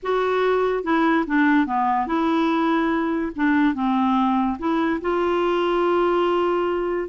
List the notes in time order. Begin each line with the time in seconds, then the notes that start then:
0.02 F#4
0.83 E4
1.26 D4
1.66 B3
2.06 E4
3.35 D4
3.74 C4
4.58 E4
5.01 F4